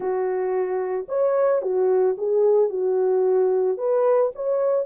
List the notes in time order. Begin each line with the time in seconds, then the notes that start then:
0.00 F#4
1.08 C#5
1.62 F#4
2.17 G#4
2.69 F#4
3.77 B4
4.35 C#5